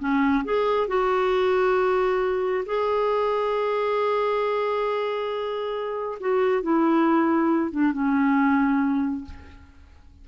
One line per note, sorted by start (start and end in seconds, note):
0.00 0.44 C#4
0.45 0.88 G#4
0.88 2.65 F#4
2.66 6.19 G#4
6.20 6.63 F#4
6.63 7.71 E4
7.71 7.93 D4
7.93 9.25 C#4